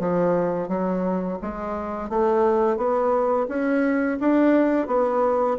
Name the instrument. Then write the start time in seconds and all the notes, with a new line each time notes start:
bassoon
0.00 F3
0.69 F#3
1.42 G#3
2.10 A3
2.77 B3
3.49 C#4
4.21 D4
4.87 B3